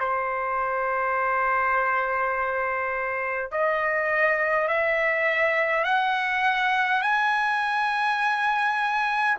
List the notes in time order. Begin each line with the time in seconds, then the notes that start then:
0.00 C5
3.52 D#5
4.68 E5
5.85 F#5
7.03 G#5